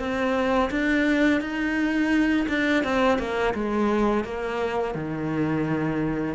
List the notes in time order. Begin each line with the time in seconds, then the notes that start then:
0.00 C4
0.71 D4
1.41 D#4
2.49 D4
2.84 C4
3.19 A#3
3.55 G#3
4.24 A#3
4.95 D#3